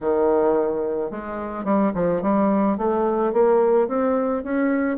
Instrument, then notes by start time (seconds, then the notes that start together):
bassoon
0.01 D#3
1.11 G#3
1.64 G3
1.94 F3
2.21 G3
2.77 A3
3.33 A#3
3.87 C4
4.43 C#4